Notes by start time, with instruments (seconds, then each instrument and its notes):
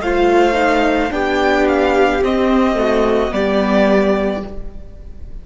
0.00 cello A3, viola F4, violin C5 F5
0.53 viola D#4
1.10 cello B3, viola D4, violin G4 G5
1.68 violin F5
2.23 viola C4, cello C4, violin D#5
2.75 viola A3, violin F#4
3.31 cello G3, viola B3, violin G4 D5